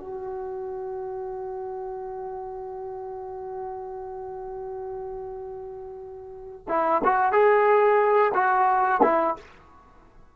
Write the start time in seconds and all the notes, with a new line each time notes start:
0.00 F#4
6.69 E4
7.05 F#4
7.32 G#4
8.35 F#4
9.03 E4